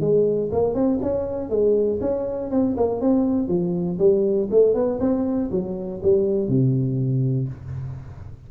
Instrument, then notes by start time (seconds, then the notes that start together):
tuba
0.00 G#3
0.52 A#3
0.74 C4
1.02 C#4
1.49 G#3
2.00 C#4
2.50 C4
2.77 A#3
3.00 C4
3.48 F3
3.98 G3
4.50 A3
4.74 B3
5.00 C4
5.51 F#3
6.02 G3
6.48 C3